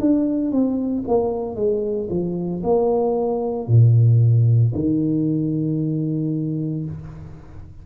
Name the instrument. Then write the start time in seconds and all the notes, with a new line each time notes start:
tuba
0.00 D4
0.51 C4
1.07 A#3
1.56 G#3
2.10 F3
2.63 A#3
3.67 A#2
4.75 D#3